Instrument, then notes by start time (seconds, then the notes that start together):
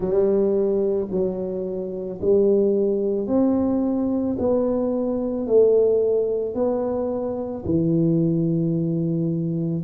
tuba
0.00 G3
1.10 F#3
2.21 G3
3.27 C4
4.38 B3
5.46 A3
6.54 B3
7.65 E3